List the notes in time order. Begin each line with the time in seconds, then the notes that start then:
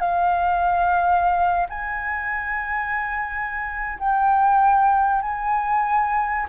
0.00 F5
1.70 G#5
3.99 G5
5.22 G#5